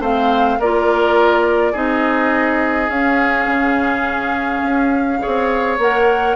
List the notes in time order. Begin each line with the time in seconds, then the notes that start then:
0.00 A3 C4 C5 F5
0.60 A#3 F4 A#4 D5
1.73 C4 D#4 G#4 D#5
2.89 C#4 F5
3.47 C#3
4.63 C#4
5.20 G#4 C#5
5.27 C4
5.78 A#3 A#4 F#5